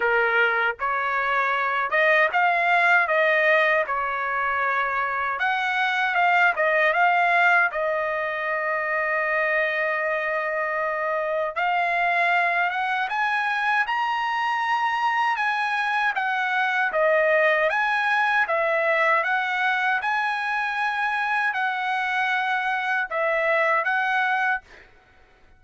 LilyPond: \new Staff \with { instrumentName = "trumpet" } { \time 4/4 \tempo 4 = 78 ais'4 cis''4. dis''8 f''4 | dis''4 cis''2 fis''4 | f''8 dis''8 f''4 dis''2~ | dis''2. f''4~ |
f''8 fis''8 gis''4 ais''2 | gis''4 fis''4 dis''4 gis''4 | e''4 fis''4 gis''2 | fis''2 e''4 fis''4 | }